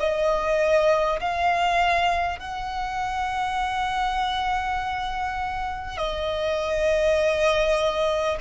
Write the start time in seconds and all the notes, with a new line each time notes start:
0.00 D#5
1.21 F5
2.39 F#5
5.97 D#5